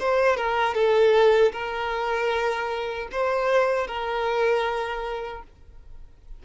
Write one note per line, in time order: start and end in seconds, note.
0.00 0.37 C5
0.37 0.75 A#4
0.75 1.53 A4
1.53 3.09 A#4
3.12 3.87 C5
3.87 5.43 A#4